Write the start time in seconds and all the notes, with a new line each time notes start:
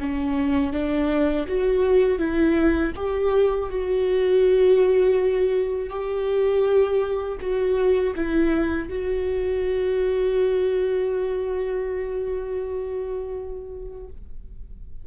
0.00 C#4
0.73 D4
1.47 F#4
2.19 E4
2.96 G4
3.70 F#4
5.90 G4
7.41 F#4
8.15 E4
8.89 F#4